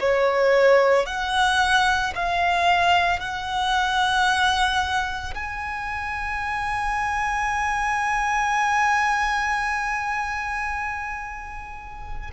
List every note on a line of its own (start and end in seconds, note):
0.00 1.06 C#5
1.06 2.13 F#5
2.15 3.20 F5
3.20 5.34 F#5
5.34 12.31 G#5